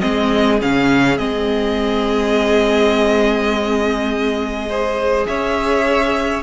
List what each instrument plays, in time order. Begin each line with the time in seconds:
0.00 cello G#3, viola C4, violin G#4 D#5
0.61 cello C#3, viola C#4, violin F5
1.17 cello G#3, viola C4, violin D#5
4.69 viola G#4, violin C5
5.26 cello C#4, violin C#5 E5